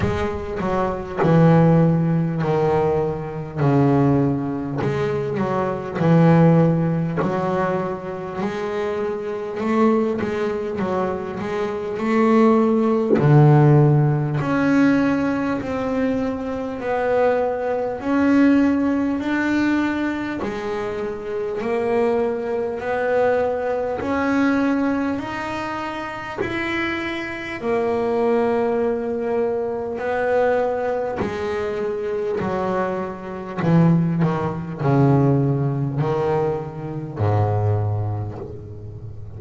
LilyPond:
\new Staff \with { instrumentName = "double bass" } { \time 4/4 \tempo 4 = 50 gis8 fis8 e4 dis4 cis4 | gis8 fis8 e4 fis4 gis4 | a8 gis8 fis8 gis8 a4 d4 | cis'4 c'4 b4 cis'4 |
d'4 gis4 ais4 b4 | cis'4 dis'4 e'4 ais4~ | ais4 b4 gis4 fis4 | e8 dis8 cis4 dis4 gis,4 | }